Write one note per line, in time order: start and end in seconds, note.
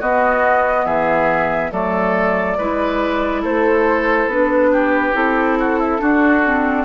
0.00 0.85 B3
0.00 1.71 B3
0.00 0.85 F#4
0.00 0.86 D#5
0.85 1.71 E3
0.85 1.71 G#4
0.85 1.71 E5
1.71 2.57 F#3
1.71 2.57 A3
1.71 2.57 A4
1.71 3.43 D5
2.57 3.44 G#3
2.57 4.31 E4
2.57 3.41 B4
3.41 4.26 A3
3.41 4.70 A4
3.41 4.30 C5
4.26 5.11 B3
4.26 5.13 D4
4.26 5.14 B4
4.72 5.58 G4
5.13 6.00 C4
5.13 5.97 E4
5.13 6.85 A4
5.59 5.79 F#4
5.79 6.00 E4
5.97 6.40 D4
5.97 6.85 D4
5.97 6.85 F#4
6.44 6.85 C4